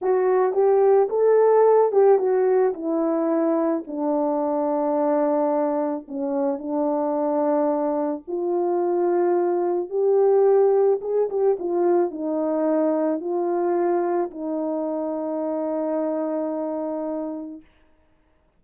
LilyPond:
\new Staff \with { instrumentName = "horn" } { \time 4/4 \tempo 4 = 109 fis'4 g'4 a'4. g'8 | fis'4 e'2 d'4~ | d'2. cis'4 | d'2. f'4~ |
f'2 g'2 | gis'8 g'8 f'4 dis'2 | f'2 dis'2~ | dis'1 | }